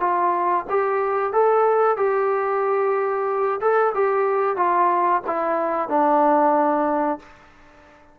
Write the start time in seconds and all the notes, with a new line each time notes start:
0.00 F4
0.70 G4
1.33 A4
1.97 G4
3.60 A4
3.94 G4
4.56 F4
5.27 E4
5.89 D4